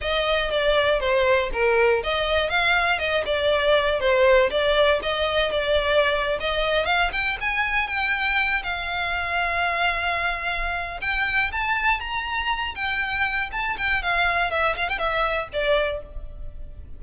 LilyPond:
\new Staff \with { instrumentName = "violin" } { \time 4/4 \tempo 4 = 120 dis''4 d''4 c''4 ais'4 | dis''4 f''4 dis''8 d''4. | c''4 d''4 dis''4 d''4~ | d''8. dis''4 f''8 g''8 gis''4 g''16~ |
g''4~ g''16 f''2~ f''8.~ | f''2 g''4 a''4 | ais''4. g''4. a''8 g''8 | f''4 e''8 f''16 g''16 e''4 d''4 | }